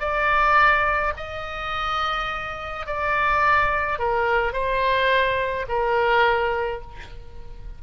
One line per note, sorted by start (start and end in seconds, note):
0.00 1.13 D5
1.17 2.87 D#5
2.87 3.99 D5
3.99 4.53 A#4
4.53 5.66 C5
5.69 6.82 A#4